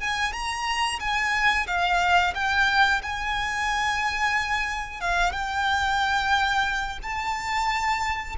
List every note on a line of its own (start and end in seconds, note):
0.00 0.32 G#5
0.32 0.99 A#5
0.99 1.66 G#5
1.67 2.33 F5
2.34 3.01 G5
3.02 5.00 G#5
5.00 5.32 F5
5.32 6.98 G5
7.02 8.35 A5